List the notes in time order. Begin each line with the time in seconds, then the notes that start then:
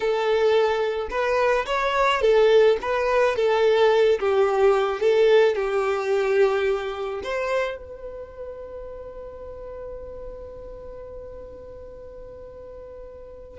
0.00 A4
1.10 B4
1.65 C#5
2.21 A4
2.81 B4
3.36 A4
4.19 G4
5.00 A4
5.55 G4
7.23 C5
7.77 B4